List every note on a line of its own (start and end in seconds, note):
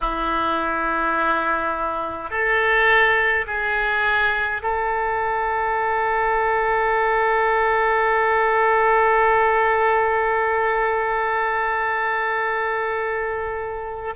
0.00 2.30 E4
2.30 3.45 A4
3.46 4.62 G#4
4.62 14.14 A4